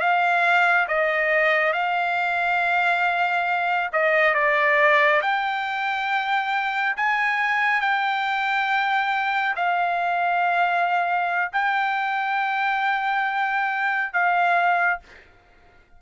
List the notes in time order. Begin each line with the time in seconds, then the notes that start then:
0.00 F5
0.88 D#5
1.73 F5
3.93 D#5
4.34 D5
5.22 G5
6.97 G#5
7.81 G5
9.56 F5
11.53 G5
14.13 F5